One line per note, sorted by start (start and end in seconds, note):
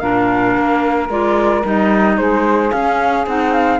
0.00 0.57 A#2
0.00 1.09 D4
0.00 2.17 A#4
0.00 1.08 F5
0.57 1.09 A#3
1.09 1.63 G#3
1.09 1.64 F4
1.09 1.65 D5
1.64 2.18 G3
1.64 2.72 D#4
1.64 2.18 D#5
2.18 2.72 G#3
2.18 3.80 G#4
2.18 2.72 C5
2.72 3.27 C#4
2.72 3.26 F5
3.27 3.80 C4
3.27 3.80 D#4
3.27 3.54 F#5
3.54 3.80 F5